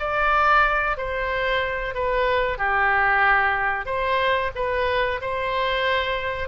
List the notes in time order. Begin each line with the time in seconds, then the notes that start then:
0.00 D5
0.98 C5
1.95 B4
2.58 G4
3.86 C5
4.56 B4
5.22 C5